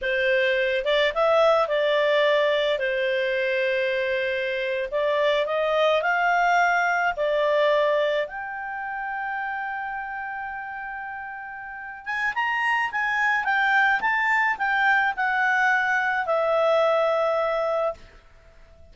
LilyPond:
\new Staff \with { instrumentName = "clarinet" } { \time 4/4 \tempo 4 = 107 c''4. d''8 e''4 d''4~ | d''4 c''2.~ | c''8. d''4 dis''4 f''4~ f''16~ | f''8. d''2 g''4~ g''16~ |
g''1~ | g''4. gis''8 ais''4 gis''4 | g''4 a''4 g''4 fis''4~ | fis''4 e''2. | }